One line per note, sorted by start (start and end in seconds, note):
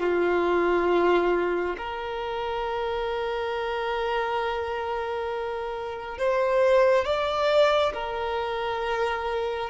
0.00 1.76 F4
1.78 6.18 A#4
6.18 7.05 C5
7.05 7.93 D5
7.94 9.70 A#4